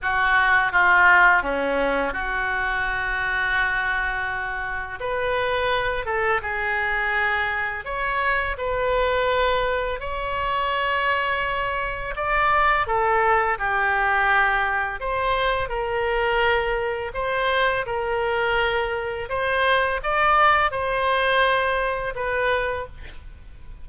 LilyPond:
\new Staff \with { instrumentName = "oboe" } { \time 4/4 \tempo 4 = 84 fis'4 f'4 cis'4 fis'4~ | fis'2. b'4~ | b'8 a'8 gis'2 cis''4 | b'2 cis''2~ |
cis''4 d''4 a'4 g'4~ | g'4 c''4 ais'2 | c''4 ais'2 c''4 | d''4 c''2 b'4 | }